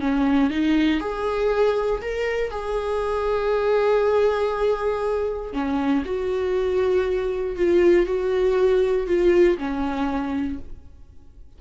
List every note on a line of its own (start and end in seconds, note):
0.00 0.50 C#4
0.50 1.00 D#4
1.00 2.01 G#4
2.01 2.50 A#4
2.50 5.53 G#4
5.53 6.03 C#4
6.05 7.56 F#4
7.56 8.06 F4
8.06 9.07 F#4
9.07 9.57 F4
9.58 10.58 C#4